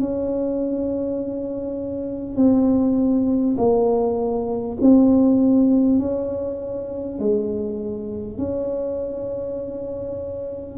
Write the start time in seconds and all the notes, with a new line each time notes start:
0.00 C#4
2.36 C4
3.57 A#3
4.81 C4
5.99 C#4
7.19 G#3
8.38 C#4